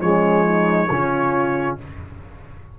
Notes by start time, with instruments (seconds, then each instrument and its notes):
0.00 tuba F3, trombone G#3, horn C#4, trumpet C#5
0.44 horn D#4
0.90 tuba C#3, trombone C#4, horn F4